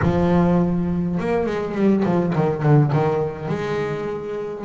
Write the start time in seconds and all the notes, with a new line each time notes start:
0.02 F3
1.19 A#3
1.46 G#3
1.74 G3
2.04 F3
2.35 D#3
2.62 D3
2.92 D#3
3.48 G#3